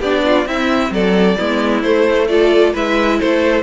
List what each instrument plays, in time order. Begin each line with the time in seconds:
0.00 cello B3, viola D4, violin G4 D5
0.25 violin F4
0.45 viola C4, cello C4, violin E4 E5
0.91 cello F#3, violin A4 D5
1.38 cello G#3, viola B3, violin E4
1.82 cello A3, viola A3, violin C5
2.28 viola F4, violin A4 D5
2.73 cello G#3, viola E4, violin B4 E5
3.19 cello A3, violin A4 C5